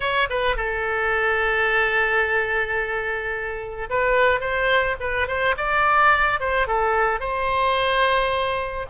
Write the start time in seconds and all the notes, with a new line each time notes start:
0.00 C#5
0.29 B4
0.56 A4
3.89 B4
4.40 C5
5.00 B4
5.27 C5
5.57 D5
6.40 C5
6.67 A4
7.19 C5